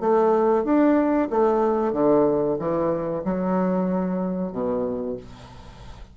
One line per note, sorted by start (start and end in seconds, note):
0.00 0.64 A3
0.64 1.29 D4
1.30 1.93 A3
1.93 2.57 D3
2.59 3.23 E3
3.25 4.52 F#3
4.52 5.16 B2